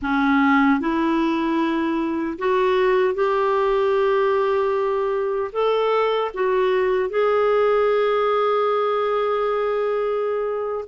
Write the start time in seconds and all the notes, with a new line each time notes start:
0.01 C#4
0.80 E4
2.38 F#4
3.14 G4
5.52 A4
6.34 F#4
7.09 G#4